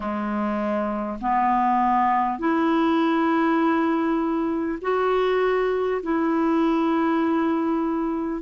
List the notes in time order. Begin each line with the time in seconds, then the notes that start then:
0.00 G#3
1.21 B3
2.38 E4
4.81 F#4
6.02 E4